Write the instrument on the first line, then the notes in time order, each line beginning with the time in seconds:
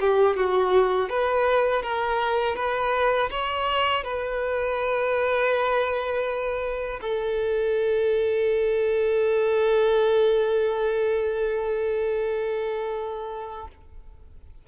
violin
0.00 G4
0.36 F#4
1.09 B4
1.82 A#4
2.55 B4
3.30 C#5
4.03 B4
7.01 A4